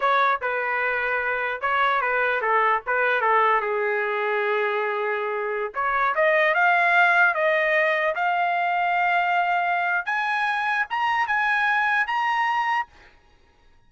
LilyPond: \new Staff \with { instrumentName = "trumpet" } { \time 4/4 \tempo 4 = 149 cis''4 b'2. | cis''4 b'4 a'4 b'4 | a'4 gis'2.~ | gis'2~ gis'16 cis''4 dis''8.~ |
dis''16 f''2 dis''4.~ dis''16~ | dis''16 f''2.~ f''8.~ | f''4 gis''2 ais''4 | gis''2 ais''2 | }